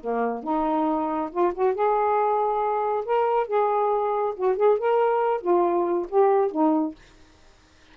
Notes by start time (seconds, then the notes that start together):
0.00 A#3
0.43 D#4
1.31 F4
1.53 F#4
1.74 G#4
3.05 A#4
3.47 G#4
4.36 F#4
4.56 G#4
4.78 A#4
5.41 F4
6.09 G4
6.51 D#4